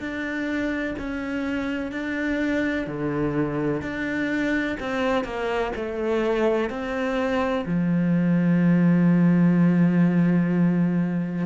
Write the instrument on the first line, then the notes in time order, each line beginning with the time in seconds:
cello
0.00 D4
0.99 C#4
1.92 D4
2.87 D3
3.82 D4
4.80 C4
5.24 A#3
5.76 A3
6.70 C4
7.66 F3